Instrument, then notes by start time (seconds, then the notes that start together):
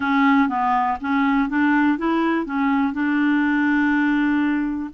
clarinet
0.00 C#4
0.49 B3
1.00 C#4
1.49 D4
1.98 E4
2.45 C#4
2.93 D4